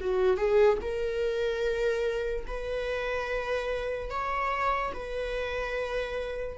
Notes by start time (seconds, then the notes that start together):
0.00 F#4
0.37 G#4
0.81 A#4
2.47 B4
4.10 C#5
4.93 B4